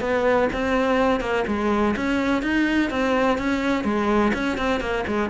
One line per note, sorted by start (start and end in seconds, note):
0.00 0.48 B3
0.52 1.20 C4
1.20 1.44 A#3
1.47 1.95 G#3
1.96 2.42 C#4
2.42 2.90 D#4
2.90 3.38 C4
3.38 3.84 C#4
3.84 4.32 G#3
4.33 4.57 C#4
4.58 4.80 C4
4.80 5.04 A#3
5.07 5.29 G#3